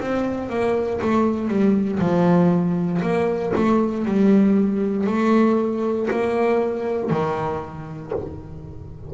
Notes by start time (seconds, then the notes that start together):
0.00 C4
0.49 A#3
1.01 A3
1.48 G3
1.99 F3
3.01 A#3
3.55 A3
4.05 G3
5.06 A3
6.10 A#3
7.10 D#3